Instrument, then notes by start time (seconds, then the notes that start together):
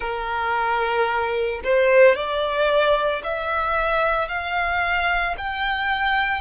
violin
0.00 A#4
1.64 C5
2.15 D5
3.23 E5
4.28 F5
5.37 G5